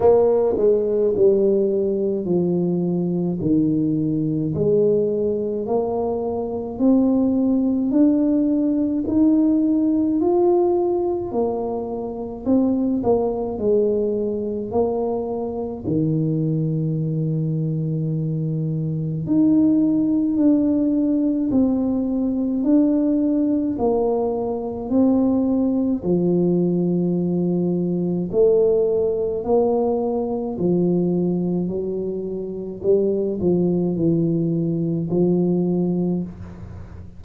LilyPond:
\new Staff \with { instrumentName = "tuba" } { \time 4/4 \tempo 4 = 53 ais8 gis8 g4 f4 dis4 | gis4 ais4 c'4 d'4 | dis'4 f'4 ais4 c'8 ais8 | gis4 ais4 dis2~ |
dis4 dis'4 d'4 c'4 | d'4 ais4 c'4 f4~ | f4 a4 ais4 f4 | fis4 g8 f8 e4 f4 | }